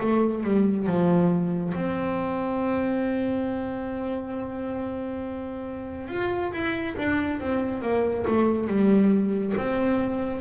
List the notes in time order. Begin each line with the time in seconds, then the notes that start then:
0.00 A3
0.43 G3
0.86 F3
1.74 C4
6.08 F4
6.52 E4
6.97 D4
7.40 C4
7.82 A#3
8.27 A3
8.67 G3
9.57 C4